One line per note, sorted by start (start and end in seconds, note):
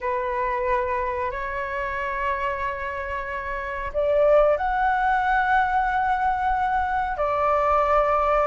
0.00 1.31 B4
1.31 3.92 C#5
3.93 4.57 D5
4.57 7.17 F#5
7.17 8.47 D5